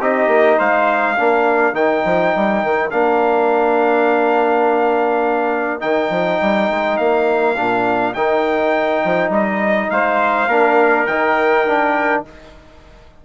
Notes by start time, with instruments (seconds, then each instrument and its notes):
0.00 bassoon C4, trombone D#4, trumpet G4 D#5
0.27 bassoon A#3
0.57 bassoon G#3, trumpet C5 F5
1.16 bassoon A#3, trombone D4, trumpet A#4
1.73 bassoon D#3, trombone D#4, trumpet G5
2.05 bassoon F3
2.35 bassoon G3
2.63 bassoon D#3
2.90 bassoon A#3, trombone D4, trumpet F5
5.80 bassoon D#3, trombone D#4, trumpet G5
6.10 bassoon F3
6.41 bassoon G3
6.70 bassoon G#3
6.97 bassoon A#3, trumpet F5
7.56 bassoon A#2, trombone D4
8.14 bassoon D#3, trombone D#4, trumpet G5
9.04 bassoon F3
9.29 bassoon G3, trumpet D#5
9.90 bassoon G#3, trumpet C5 F5
10.47 bassoon A#3, trombone D4, trumpet A#4
11.06 bassoon D#3, trombone D#4, trumpet G5
11.67 trombone D4